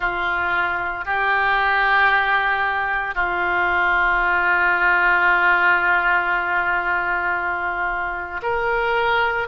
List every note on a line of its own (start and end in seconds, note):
0.00 1.05 F4
1.05 3.14 G4
3.14 8.41 F4
8.42 9.47 A#4